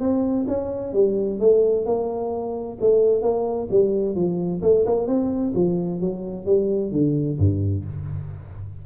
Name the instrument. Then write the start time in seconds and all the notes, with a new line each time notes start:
tuba
0.00 C4
0.48 C#4
0.94 G3
1.40 A3
1.86 A#3
2.80 A3
3.22 A#3
3.71 G3
4.15 F3
4.62 A3
4.86 A#3
5.07 C4
5.55 F3
6.01 F#3
6.46 G3
6.92 D3
7.39 G2